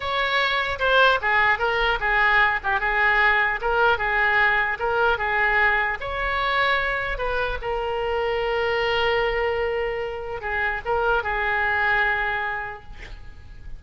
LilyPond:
\new Staff \with { instrumentName = "oboe" } { \time 4/4 \tempo 4 = 150 cis''2 c''4 gis'4 | ais'4 gis'4. g'8 gis'4~ | gis'4 ais'4 gis'2 | ais'4 gis'2 cis''4~ |
cis''2 b'4 ais'4~ | ais'1~ | ais'2 gis'4 ais'4 | gis'1 | }